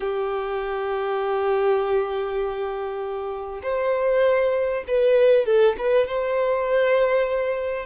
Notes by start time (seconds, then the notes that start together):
0.00 G4
3.62 C5
4.87 B4
5.45 A4
5.77 B4
6.07 C5